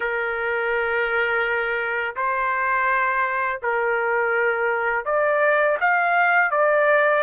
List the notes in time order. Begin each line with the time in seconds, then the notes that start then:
0.00 A#4
2.16 C5
3.62 A#4
5.05 D5
5.80 F5
6.51 D5